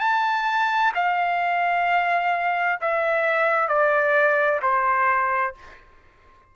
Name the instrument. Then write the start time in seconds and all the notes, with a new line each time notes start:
trumpet
0.00 A5
0.95 F5
2.81 E5
3.68 D5
4.62 C5